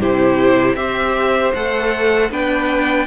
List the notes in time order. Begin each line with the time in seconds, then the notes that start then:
0.00 C3 E4 G4 C5
0.75 C4 G4 C5 E5
1.54 A3 A4 F#5
2.31 B3 D4 B4 G5